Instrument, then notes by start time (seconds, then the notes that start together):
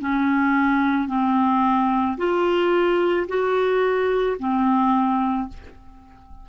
clarinet
0.00 C#4
1.08 C4
2.18 F4
3.28 F#4
4.39 C4